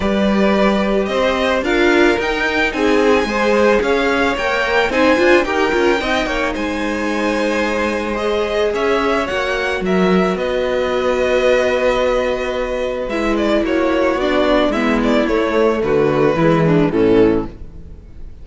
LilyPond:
<<
  \new Staff \with { instrumentName = "violin" } { \time 4/4 \tempo 4 = 110 d''2 dis''4 f''4 | g''4 gis''2 f''4 | g''4 gis''4 g''2 | gis''2. dis''4 |
e''4 fis''4 e''4 dis''4~ | dis''1 | e''8 d''8 cis''4 d''4 e''8 d''8 | cis''4 b'2 a'4 | }
  \new Staff \with { instrumentName = "violin" } { \time 4/4 b'2 c''4 ais'4~ | ais'4 gis'4 c''4 cis''4~ | cis''4 c''4 ais'4 dis''8 cis''8 | c''1 |
cis''2 ais'4 b'4~ | b'1~ | b'4 fis'2 e'4~ | e'4 fis'4 e'8 d'8 cis'4 | }
  \new Staff \with { instrumentName = "viola" } { \time 4/4 g'2. f'4 | dis'2 gis'2 | ais'4 dis'8 f'8 g'8 f'8 dis'4~ | dis'2. gis'4~ |
gis'4 fis'2.~ | fis'1 | e'2 d'4 b4 | a2 gis4 e4 | }
  \new Staff \with { instrumentName = "cello" } { \time 4/4 g2 c'4 d'4 | dis'4 c'4 gis4 cis'4 | ais4 c'8 d'8 dis'8 cis'8 c'8 ais8 | gis1 |
cis'4 ais4 fis4 b4~ | b1 | gis4 ais4 b4 gis4 | a4 d4 e4 a,4 | }
>>